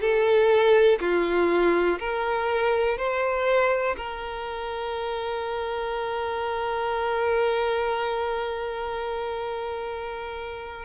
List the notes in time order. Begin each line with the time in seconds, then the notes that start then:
0.00 A4
1.00 F4
1.99 A#4
2.97 C5
3.97 A#4